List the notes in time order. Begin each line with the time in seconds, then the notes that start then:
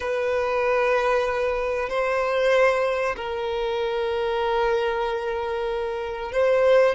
0.00 B4
1.89 C5
3.16 A#4
6.32 C5